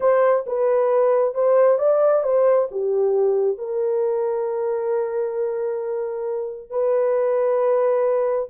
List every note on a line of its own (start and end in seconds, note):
0.00 0.45 C5
0.46 1.34 B4
1.34 1.78 C5
1.78 2.23 D5
2.23 2.67 C5
2.71 3.57 G4
3.57 6.70 A#4
6.70 8.49 B4